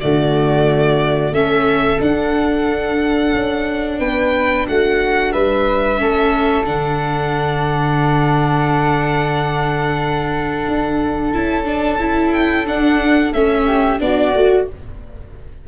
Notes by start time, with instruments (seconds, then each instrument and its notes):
0.00 tuba D3, viola A3, flute F#4, violin D5
1.31 tuba A3, viola C#4, flute A4, violin E5
1.99 viola D4, tuba D4, violin F#5
3.33 tuba C#4
3.99 tuba B3, flute B4, violin G5
4.66 tuba A3, flute F#4, violin F#5
5.32 tuba G3, flute B4, violin E5
5.97 tuba A3, viola C#4, flute A4
6.65 tuba D3, viola D4, violin F#5
10.67 tuba D4
11.33 tuba C#4, viola E4, violin A5
11.65 viola D4
11.99 viola E4
12.32 violin G5
12.66 viola D4, tuba D4, violin F#5
13.32 tuba A3, viola C#4, violin E5
13.66 flute G4
13.99 tuba B3, viola D4, flute F#4, violin D5
14.34 tuba A3, viola F#4